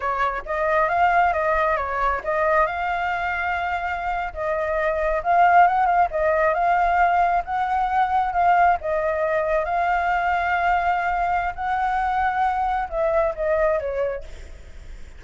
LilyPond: \new Staff \with { instrumentName = "flute" } { \time 4/4 \tempo 4 = 135 cis''4 dis''4 f''4 dis''4 | cis''4 dis''4 f''2~ | f''4.~ f''16 dis''2 f''16~ | f''8. fis''8 f''8 dis''4 f''4~ f''16~ |
f''8. fis''2 f''4 dis''16~ | dis''4.~ dis''16 f''2~ f''16~ | f''2 fis''2~ | fis''4 e''4 dis''4 cis''4 | }